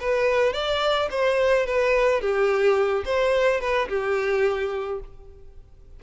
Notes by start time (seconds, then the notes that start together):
0.00 B4
0.53 D5
1.10 C5
1.66 B4
2.21 G4
3.05 C5
3.60 B4
3.89 G4